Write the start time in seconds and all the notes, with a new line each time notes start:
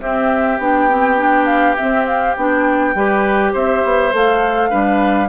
0.00 C4 G4 E5
0.58 B3 D4 G5
0.89 C4
1.17 D4
1.45 F5
1.75 C4 E5
1.82 C4
2.06 F5
2.36 B3 D4 G5
2.94 G3 G4 B4
3.52 C4 C5 E5
3.83 B3
4.12 A3 A4 F5
4.70 G3 D4 B4